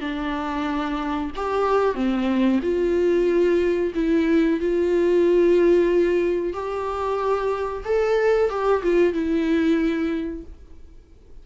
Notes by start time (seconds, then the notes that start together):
0.00 D4
1.35 G4
1.94 C4
2.62 F4
3.95 E4
4.60 F4
6.53 G4
7.84 A4
8.49 G4
8.83 F4
9.13 E4